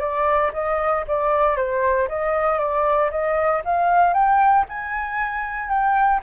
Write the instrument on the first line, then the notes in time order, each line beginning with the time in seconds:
flute
0.00 D5
0.54 D#5
1.08 D5
1.57 C5
2.09 D#5
2.59 D5
3.11 D#5
3.65 F5
4.14 G5
4.69 G#5
5.69 G5